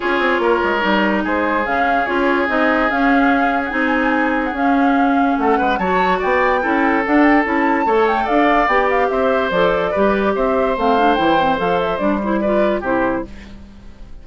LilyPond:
<<
  \new Staff \with { instrumentName = "flute" } { \time 4/4 \tempo 4 = 145 cis''2. c''4 | f''4 cis''4 dis''4 f''4~ | f''8. fis''16 gis''4.~ gis''16 fis''16 f''4~ | f''4 fis''4 a''4 g''4~ |
g''4 fis''8 g''8 a''4. g''8 | f''4 g''8 f''8 e''4 d''4~ | d''4 e''4 f''4 g''4 | f''8 e''8 d''8 c''8 d''4 c''4 | }
  \new Staff \with { instrumentName = "oboe" } { \time 4/4 gis'4 ais'2 gis'4~ | gis'1~ | gis'1~ | gis'4 a'8 b'8 cis''4 d''4 |
a'2. cis''4 | d''2 c''2 | b'4 c''2.~ | c''2 b'4 g'4 | }
  \new Staff \with { instrumentName = "clarinet" } { \time 4/4 f'2 dis'2 | cis'4 f'4 dis'4 cis'4~ | cis'4 dis'2 cis'4~ | cis'2 fis'2 |
e'4 d'4 e'4 a'4~ | a'4 g'2 a'4 | g'2 c'8 d'8 e'8 c'8 | a'4 d'8 e'8 f'4 e'4 | }
  \new Staff \with { instrumentName = "bassoon" } { \time 4/4 cis'8 c'8 ais8 gis8 g4 gis4 | cis4 cis'4 c'4 cis'4~ | cis'4 c'2 cis'4~ | cis'4 a8 gis8 fis4 b4 |
cis'4 d'4 cis'4 a4 | d'4 b4 c'4 f4 | g4 c'4 a4 e4 | f4 g2 c4 | }
>>